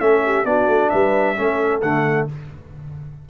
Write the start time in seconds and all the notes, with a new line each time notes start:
0.00 A3 C#4 A4 E5
0.25 G4
0.45 B3 D4 F#4 D5
0.68 A3
0.90 G3 B4 E5
1.36 A3 C#4 A4
1.81 D3 A3 F#5